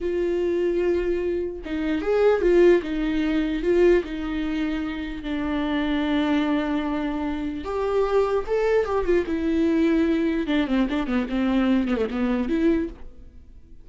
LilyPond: \new Staff \with { instrumentName = "viola" } { \time 4/4 \tempo 4 = 149 f'1 | dis'4 gis'4 f'4 dis'4~ | dis'4 f'4 dis'2~ | dis'4 d'2.~ |
d'2. g'4~ | g'4 a'4 g'8 f'8 e'4~ | e'2 d'8 c'8 d'8 b8 | c'4. b16 a16 b4 e'4 | }